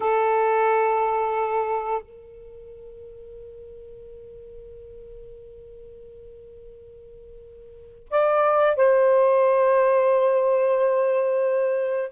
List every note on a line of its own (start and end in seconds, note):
0.00 2.02 A4
2.02 8.08 A#4
8.10 8.75 D5
8.75 12.12 C5